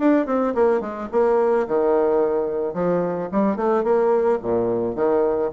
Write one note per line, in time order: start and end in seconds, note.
0.00 0.27 D4
0.27 0.54 C4
0.55 0.81 A#3
0.81 1.09 G#3
1.12 1.67 A#3
1.68 2.74 D#3
2.74 3.30 F3
3.32 3.57 G3
3.57 3.84 A3
3.84 4.39 A#3
4.43 4.96 A#2
4.96 5.51 D#3